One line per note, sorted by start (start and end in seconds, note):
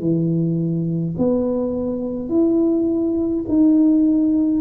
0.00 1.15 E3
1.18 2.30 B3
2.30 3.45 E4
3.48 4.62 D#4